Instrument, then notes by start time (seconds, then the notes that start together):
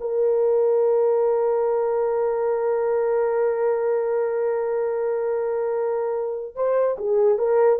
horn
0.00 A#4
6.55 C5
6.98 G#4
7.38 A#4